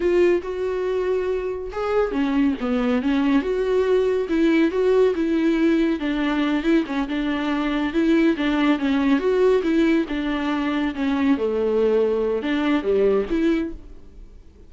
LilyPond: \new Staff \with { instrumentName = "viola" } { \time 4/4 \tempo 4 = 140 f'4 fis'2. | gis'4 cis'4 b4 cis'4 | fis'2 e'4 fis'4 | e'2 d'4. e'8 |
cis'8 d'2 e'4 d'8~ | d'8 cis'4 fis'4 e'4 d'8~ | d'4. cis'4 a4.~ | a4 d'4 g4 e'4 | }